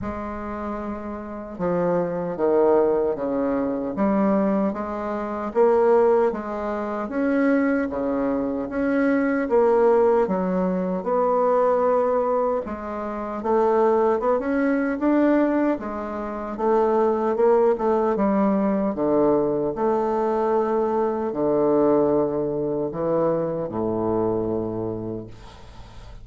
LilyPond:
\new Staff \with { instrumentName = "bassoon" } { \time 4/4 \tempo 4 = 76 gis2 f4 dis4 | cis4 g4 gis4 ais4 | gis4 cis'4 cis4 cis'4 | ais4 fis4 b2 |
gis4 a4 b16 cis'8. d'4 | gis4 a4 ais8 a8 g4 | d4 a2 d4~ | d4 e4 a,2 | }